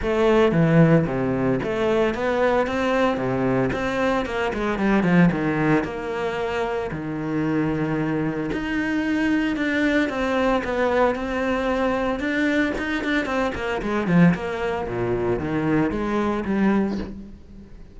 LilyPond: \new Staff \with { instrumentName = "cello" } { \time 4/4 \tempo 4 = 113 a4 e4 c4 a4 | b4 c'4 c4 c'4 | ais8 gis8 g8 f8 dis4 ais4~ | ais4 dis2. |
dis'2 d'4 c'4 | b4 c'2 d'4 | dis'8 d'8 c'8 ais8 gis8 f8 ais4 | ais,4 dis4 gis4 g4 | }